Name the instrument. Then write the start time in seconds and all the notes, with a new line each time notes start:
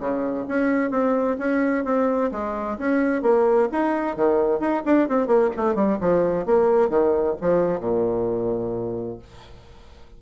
bassoon
0.00 C#3
0.48 C#4
0.91 C4
1.39 C#4
1.85 C4
2.32 G#3
2.79 C#4
3.23 A#3
3.72 D#4
4.16 D#3
4.60 D#4
4.86 D4
5.09 C4
5.27 A#3
5.57 A3
5.75 G3
6.01 F3
6.46 A#3
6.90 D#3
7.41 F3
7.80 A#2